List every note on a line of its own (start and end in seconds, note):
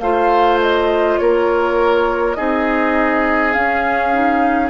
0.00 1.18 A3
0.00 2.37 F4
0.00 1.20 C5
0.00 0.59 F5
0.62 1.18 D#5
1.18 2.38 A#3
1.18 2.37 A#4
1.18 2.35 C#5
2.35 3.56 C4
2.35 3.54 D#4
2.35 4.70 G#4
2.35 3.52 D#5
3.53 4.13 C#4
3.53 4.70 C#4
3.53 4.70 F5
4.13 4.70 D#4